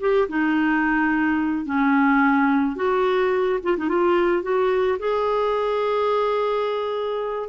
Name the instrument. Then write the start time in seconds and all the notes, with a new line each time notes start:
clarinet
0.00 G4
0.28 D#4
1.65 C#4
2.76 F#4
3.63 F4
3.77 D#4
3.88 F4
4.42 F#4
4.99 G#4